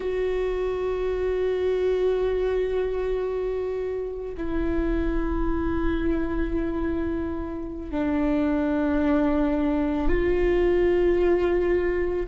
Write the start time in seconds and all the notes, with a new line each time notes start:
0.00 F#4
4.37 E4
7.91 D4
10.08 F4